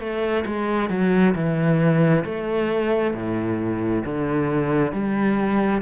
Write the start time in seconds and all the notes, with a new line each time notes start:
0.00 A3
0.46 G#3
0.90 F#3
1.35 E3
2.25 A3
3.14 A2
4.06 D3
4.93 G3